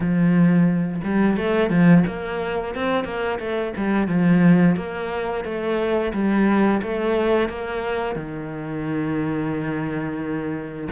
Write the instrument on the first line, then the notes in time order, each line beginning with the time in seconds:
cello
0.00 F3
1.04 G3
1.36 A3
1.70 F3
2.06 A#3
2.74 C4
3.04 A#3
3.39 A3
3.76 G3
4.07 F3
4.76 A#3
5.44 A3
6.13 G3
6.82 A3
7.48 A#3
8.15 D#3